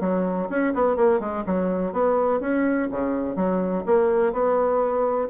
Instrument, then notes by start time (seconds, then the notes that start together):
bassoon
0.00 F#3
0.49 C#4
0.74 B3
0.96 A#3
1.20 G#3
1.46 F#3
1.92 B3
2.40 C#4
2.91 C#3
3.36 F#3
3.86 A#3
4.32 B3